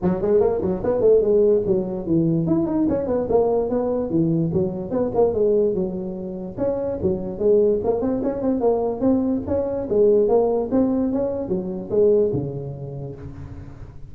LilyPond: \new Staff \with { instrumentName = "tuba" } { \time 4/4 \tempo 4 = 146 fis8 gis8 ais8 fis8 b8 a8 gis4 | fis4 e4 e'8 dis'8 cis'8 b8 | ais4 b4 e4 fis4 | b8 ais8 gis4 fis2 |
cis'4 fis4 gis4 ais8 c'8 | cis'8 c'8 ais4 c'4 cis'4 | gis4 ais4 c'4 cis'4 | fis4 gis4 cis2 | }